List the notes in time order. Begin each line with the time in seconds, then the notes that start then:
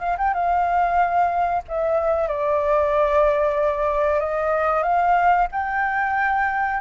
0.00 F5
0.18 G5
0.34 F5
1.68 E5
2.28 D5
4.20 D#5
4.83 F5
5.52 G5